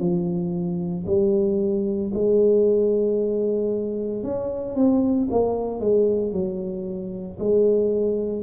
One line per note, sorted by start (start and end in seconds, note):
0.00 1.05 F3
1.07 2.12 G3
2.14 4.23 G#3
4.23 4.76 C#4
4.76 5.29 C4
5.31 5.80 A#3
5.80 6.33 G#3
6.33 7.38 F#3
7.40 8.43 G#3